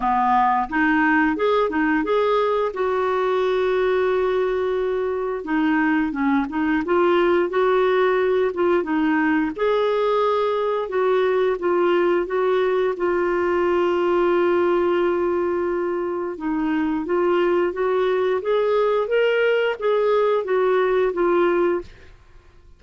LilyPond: \new Staff \with { instrumentName = "clarinet" } { \time 4/4 \tempo 4 = 88 b4 dis'4 gis'8 dis'8 gis'4 | fis'1 | dis'4 cis'8 dis'8 f'4 fis'4~ | fis'8 f'8 dis'4 gis'2 |
fis'4 f'4 fis'4 f'4~ | f'1 | dis'4 f'4 fis'4 gis'4 | ais'4 gis'4 fis'4 f'4 | }